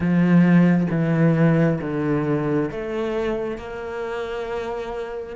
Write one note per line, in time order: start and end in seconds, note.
0.00 0.87 F3
0.90 1.80 E3
1.80 2.70 D3
2.71 3.57 A3
3.57 5.36 A#3